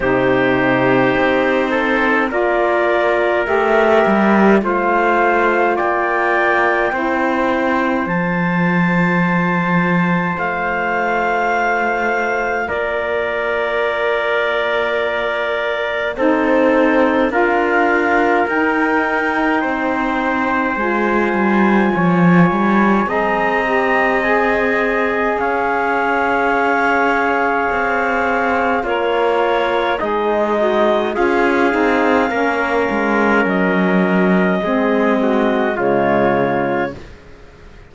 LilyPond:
<<
  \new Staff \with { instrumentName = "clarinet" } { \time 4/4 \tempo 4 = 52 c''2 d''4 e''4 | f''4 g''2 a''4~ | a''4 f''2 d''4~ | d''2 c''4 f''4 |
g''2 gis''2 | ais''4 gis''4 f''2~ | f''4 cis''4 dis''4 f''4~ | f''4 dis''2 cis''4 | }
  \new Staff \with { instrumentName = "trumpet" } { \time 4/4 g'4. a'8 ais'2 | c''4 d''4 c''2~ | c''2. ais'4~ | ais'2 a'4 ais'4~ |
ais'4 c''2 cis''4 | dis''2 cis''2~ | cis''4 f'4 dis'4 gis'4 | ais'2 gis'8 fis'8 f'4 | }
  \new Staff \with { instrumentName = "saxophone" } { \time 4/4 dis'2 f'4 g'4 | f'2 e'4 f'4~ | f'1~ | f'2 dis'4 f'4 |
dis'2 f'2 | gis'8 g'8 gis'2.~ | gis'4 ais'4 gis'8 fis'8 f'8 dis'8 | cis'2 c'4 gis4 | }
  \new Staff \with { instrumentName = "cello" } { \time 4/4 c4 c'4 ais4 a8 g8 | a4 ais4 c'4 f4~ | f4 a2 ais4~ | ais2 c'4 d'4 |
dis'4 c'4 gis8 g8 f8 g8 | c'2 cis'2 | c'4 ais4 gis4 cis'8 c'8 | ais8 gis8 fis4 gis4 cis4 | }
>>